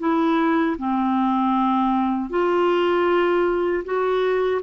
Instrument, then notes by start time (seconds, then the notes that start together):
clarinet
0.00 E4
0.78 C4
2.30 F4
3.85 F#4